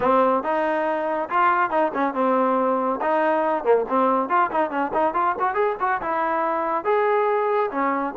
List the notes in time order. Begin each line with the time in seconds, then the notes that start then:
0.00 C4
0.43 D#4
1.29 F4
1.70 D#4
1.93 C#4
2.14 C4
3.01 D#4
3.64 A#3
3.88 C4
4.29 F4
4.51 D#4
4.70 C#4
4.93 D#4
5.14 F4
5.39 F#4
5.54 G#4
5.80 F#4
6.01 E4
6.84 G#4
7.71 C#4